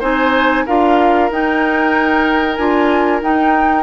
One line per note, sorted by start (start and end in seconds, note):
0.00 0.66 C4
0.00 0.66 D#4
0.00 0.64 C5
0.00 0.66 G#5
0.66 1.31 D4
0.66 1.30 F4
0.66 3.83 A#4
0.66 1.31 F5
1.31 2.58 D#4
1.31 2.56 G5
2.56 3.22 D4
2.56 3.21 F4
2.56 3.20 G#5
3.21 3.83 D#4
3.21 3.83 G5